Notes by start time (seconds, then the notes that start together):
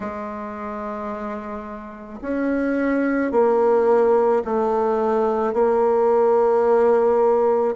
0.00 G#3
2.21 C#4
3.31 A#3
4.44 A3
5.53 A#3